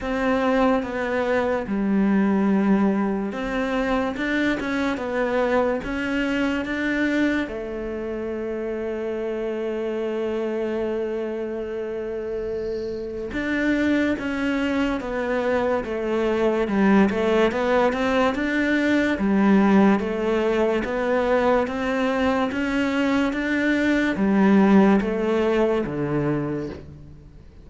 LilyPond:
\new Staff \with { instrumentName = "cello" } { \time 4/4 \tempo 4 = 72 c'4 b4 g2 | c'4 d'8 cis'8 b4 cis'4 | d'4 a2.~ | a1 |
d'4 cis'4 b4 a4 | g8 a8 b8 c'8 d'4 g4 | a4 b4 c'4 cis'4 | d'4 g4 a4 d4 | }